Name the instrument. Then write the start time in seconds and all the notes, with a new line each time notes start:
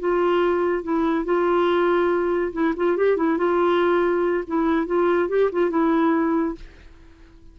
clarinet
0.00 F4
0.84 E4
1.25 F4
2.53 E4
2.77 F4
2.97 G4
3.17 E4
3.38 F4
4.47 E4
4.87 F4
5.29 G4
5.52 F4
5.70 E4